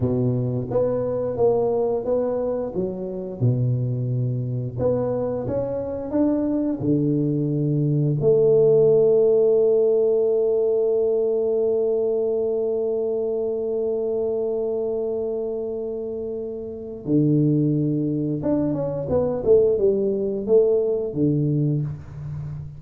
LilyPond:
\new Staff \with { instrumentName = "tuba" } { \time 4/4 \tempo 4 = 88 b,4 b4 ais4 b4 | fis4 b,2 b4 | cis'4 d'4 d2 | a1~ |
a1~ | a1~ | a4 d2 d'8 cis'8 | b8 a8 g4 a4 d4 | }